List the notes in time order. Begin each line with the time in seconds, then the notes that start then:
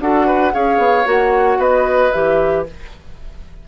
0.00 D4 F#4 A4 F#5
0.26 B4
0.52 C#4 G#4 C#5 F5
0.78 B3
1.05 A#3 F#4 F#5
1.57 B3 B4 D#5
2.12 E3 G4 E5